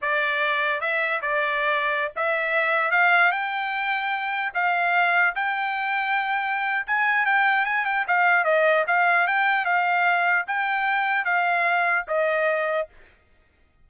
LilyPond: \new Staff \with { instrumentName = "trumpet" } { \time 4/4 \tempo 4 = 149 d''2 e''4 d''4~ | d''4~ d''16 e''2 f''8.~ | f''16 g''2. f''8.~ | f''4~ f''16 g''2~ g''8.~ |
g''4 gis''4 g''4 gis''8 g''8 | f''4 dis''4 f''4 g''4 | f''2 g''2 | f''2 dis''2 | }